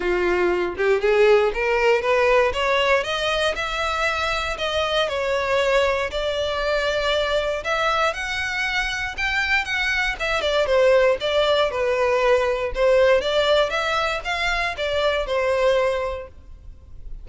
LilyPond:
\new Staff \with { instrumentName = "violin" } { \time 4/4 \tempo 4 = 118 f'4. g'8 gis'4 ais'4 | b'4 cis''4 dis''4 e''4~ | e''4 dis''4 cis''2 | d''2. e''4 |
fis''2 g''4 fis''4 | e''8 d''8 c''4 d''4 b'4~ | b'4 c''4 d''4 e''4 | f''4 d''4 c''2 | }